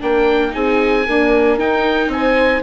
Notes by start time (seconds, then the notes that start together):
0.00 A#3 D4 A#4 G5
0.51 C4 D#4 G#4 G#5
1.06 A#3 D4 A#4
1.58 D#4 G5
2.08 C4 C5 G#5